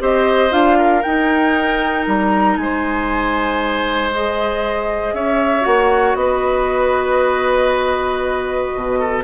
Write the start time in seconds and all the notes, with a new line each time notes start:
0.00 C4 G4 C5 D#5
0.51 D4 F4 F5
0.79 A#4
1.02 D#4 G5
2.07 G3 A#5
2.57 G#3 C5 G#5
4.12 G#4 D#5
5.13 C#4 C#5 E5
5.61 A#3 F#4 F#5
6.15 B3 B4 D#5
8.75 B2
9.00 A4